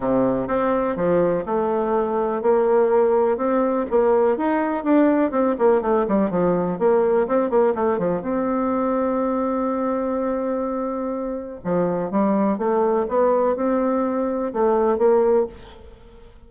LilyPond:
\new Staff \with { instrumentName = "bassoon" } { \time 4/4 \tempo 4 = 124 c4 c'4 f4 a4~ | a4 ais2 c'4 | ais4 dis'4 d'4 c'8 ais8 | a8 g8 f4 ais4 c'8 ais8 |
a8 f8 c'2.~ | c'1 | f4 g4 a4 b4 | c'2 a4 ais4 | }